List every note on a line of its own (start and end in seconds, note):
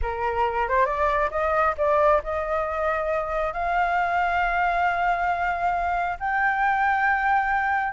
0.02 0.68 A#4
0.68 0.85 C5
0.85 1.29 D5
1.30 1.74 D#5
1.77 2.21 D5
2.23 3.53 D#5
3.53 6.17 F5
6.19 7.92 G5